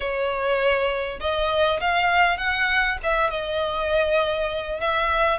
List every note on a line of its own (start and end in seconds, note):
0.00 1.19 C#5
1.19 1.79 D#5
1.80 2.37 F5
2.37 2.97 F#5
3.03 3.30 E5
3.30 4.80 D#5
4.80 5.38 E5